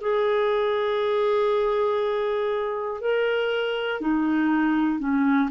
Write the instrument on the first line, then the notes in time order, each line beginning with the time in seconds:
clarinet
0.00 G#4
3.00 A#4
4.00 D#4
4.99 C#4